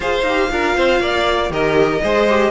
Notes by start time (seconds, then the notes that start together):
0.00 F4 G#4 C5 F5
0.22 D#4 G4
0.50 D4 F4 A#4
0.76 C4 C5
1.00 A#3 D5
1.49 D#3 G4 A#4 D#5
2.03 G#3 G#4 C5
2.28 G4